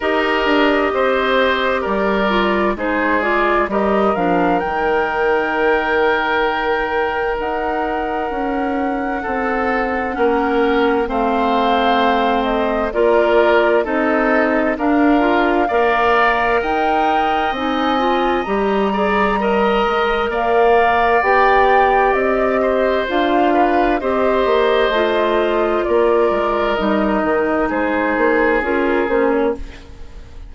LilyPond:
<<
  \new Staff \with { instrumentName = "flute" } { \time 4/4 \tempo 4 = 65 dis''2 d''4 c''8 d''8 | dis''8 f''8 g''2. | fis''1 | f''4. dis''8 d''4 dis''4 |
f''2 g''4 gis''4 | ais''2 f''4 g''4 | dis''4 f''4 dis''2 | d''4 dis''4 c''4 ais'8 c''16 cis''16 | }
  \new Staff \with { instrumentName = "oboe" } { \time 4/4 ais'4 c''4 ais'4 gis'4 | ais'1~ | ais'2 a'4 ais'4 | c''2 ais'4 a'4 |
ais'4 d''4 dis''2~ | dis''8 d''8 dis''4 d''2~ | d''8 c''4 b'8 c''2 | ais'2 gis'2 | }
  \new Staff \with { instrumentName = "clarinet" } { \time 4/4 g'2~ g'8 f'8 dis'8 f'8 | g'8 d'8 dis'2.~ | dis'2. cis'4 | c'2 f'4 dis'4 |
d'8 f'8 ais'2 dis'8 f'8 | g'8 gis'8 ais'2 g'4~ | g'4 f'4 g'4 f'4~ | f'4 dis'2 f'8 cis'8 | }
  \new Staff \with { instrumentName = "bassoon" } { \time 4/4 dis'8 d'8 c'4 g4 gis4 | g8 f8 dis2. | dis'4 cis'4 c'4 ais4 | a2 ais4 c'4 |
d'4 ais4 dis'4 c'4 | g4. gis8 ais4 b4 | c'4 d'4 c'8 ais8 a4 | ais8 gis8 g8 dis8 gis8 ais8 cis'8 ais8 | }
>>